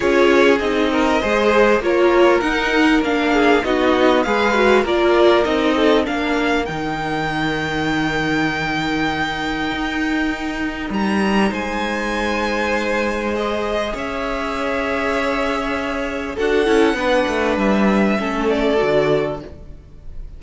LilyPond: <<
  \new Staff \with { instrumentName = "violin" } { \time 4/4 \tempo 4 = 99 cis''4 dis''2 cis''4 | fis''4 f''4 dis''4 f''4 | d''4 dis''4 f''4 g''4~ | g''1~ |
g''2 ais''4 gis''4~ | gis''2 dis''4 e''4~ | e''2. fis''4~ | fis''4 e''4. d''4. | }
  \new Staff \with { instrumentName = "violin" } { \time 4/4 gis'4. ais'8 c''4 ais'4~ | ais'4. gis'8 fis'4 b'4 | ais'4. a'8 ais'2~ | ais'1~ |
ais'2. c''4~ | c''2. cis''4~ | cis''2. a'4 | b'2 a'2 | }
  \new Staff \with { instrumentName = "viola" } { \time 4/4 f'4 dis'4 gis'4 f'4 | dis'4 d'4 dis'4 gis'8 fis'8 | f'4 dis'4 d'4 dis'4~ | dis'1~ |
dis'1~ | dis'2 gis'2~ | gis'2. fis'8 e'8 | d'2 cis'4 fis'4 | }
  \new Staff \with { instrumentName = "cello" } { \time 4/4 cis'4 c'4 gis4 ais4 | dis'4 ais4 b4 gis4 | ais4 c'4 ais4 dis4~ | dis1 |
dis'2 g4 gis4~ | gis2. cis'4~ | cis'2. d'8 cis'8 | b8 a8 g4 a4 d4 | }
>>